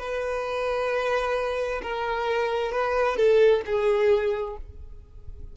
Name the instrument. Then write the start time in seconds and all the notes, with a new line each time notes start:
violin
0.00 B4
1.83 A#4
2.72 B4
3.17 A4
3.66 G#4